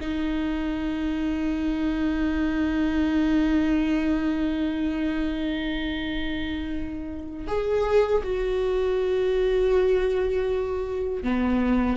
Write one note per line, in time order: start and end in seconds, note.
0.00 7.47 D#4
7.47 8.22 G#4
8.23 11.23 F#4
11.23 11.97 B3